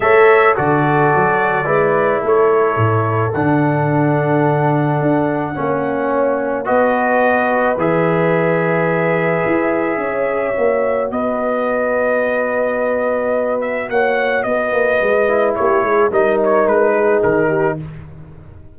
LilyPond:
<<
  \new Staff \with { instrumentName = "trumpet" } { \time 4/4 \tempo 4 = 108 e''4 d''2. | cis''2 fis''2~ | fis''1 | dis''2 e''2~ |
e''1 | dis''1~ | dis''8 e''8 fis''4 dis''2 | cis''4 dis''8 cis''8 b'4 ais'4 | }
  \new Staff \with { instrumentName = "horn" } { \time 4/4 cis''4 a'2 b'4 | a'1~ | a'2 cis''2 | b'1~ |
b'2 cis''2 | b'1~ | b'4 cis''4 b'2 | g'8 gis'8 ais'4. gis'4 g'8 | }
  \new Staff \with { instrumentName = "trombone" } { \time 4/4 a'4 fis'2 e'4~ | e'2 d'2~ | d'2 cis'2 | fis'2 gis'2~ |
gis'2. fis'4~ | fis'1~ | fis'2.~ fis'8 e'8~ | e'4 dis'2. | }
  \new Staff \with { instrumentName = "tuba" } { \time 4/4 a4 d4 fis4 gis4 | a4 a,4 d2~ | d4 d'4 ais2 | b2 e2~ |
e4 e'4 cis'4 ais4 | b1~ | b4 ais4 b8 ais8 gis4 | ais8 gis8 g4 gis4 dis4 | }
>>